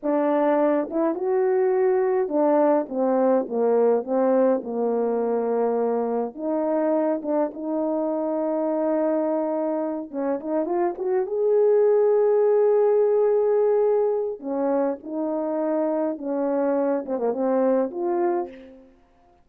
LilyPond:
\new Staff \with { instrumentName = "horn" } { \time 4/4 \tempo 4 = 104 d'4. e'8 fis'2 | d'4 c'4 ais4 c'4 | ais2. dis'4~ | dis'8 d'8 dis'2.~ |
dis'4. cis'8 dis'8 f'8 fis'8 gis'8~ | gis'1~ | gis'4 cis'4 dis'2 | cis'4. c'16 ais16 c'4 f'4 | }